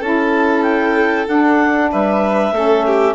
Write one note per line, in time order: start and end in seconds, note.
0.00 1.27 C#4
0.00 1.27 E4
0.00 1.89 A4
0.00 0.63 A5
0.63 1.26 G5
1.27 2.53 D4
1.27 1.92 D4
1.27 1.92 F#5
1.91 2.52 G3
1.91 2.54 B4
1.91 3.16 E5
2.52 3.15 A3
2.52 3.16 C#4
2.52 2.87 A4
2.87 3.16 G4